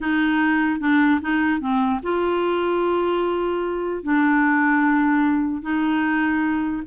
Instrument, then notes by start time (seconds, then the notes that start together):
clarinet
0.00 D#4
0.80 D4
1.21 D#4
1.60 C4
2.02 F4
4.03 D4
5.62 D#4